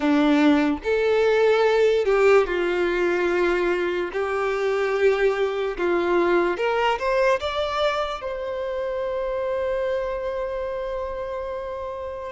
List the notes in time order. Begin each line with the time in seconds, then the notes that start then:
0.00 D4
0.83 A4
2.05 G4
2.46 F4
4.12 G4
5.77 F4
6.57 A#4
6.98 C5
7.40 D5
8.21 C5